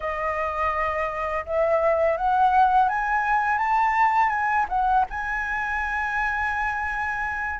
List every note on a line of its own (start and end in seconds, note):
0.00 1.45 D#5
1.45 2.17 E5
2.17 2.88 F#5
2.88 3.58 G#5
3.58 4.29 A5
4.29 4.65 G#5
4.69 5.05 F#5
5.10 7.59 G#5